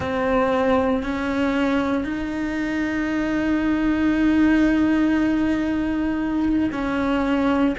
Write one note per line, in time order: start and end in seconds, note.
0.00 1.03 C4
1.03 2.04 C#4
2.04 6.70 D#4
6.71 7.75 C#4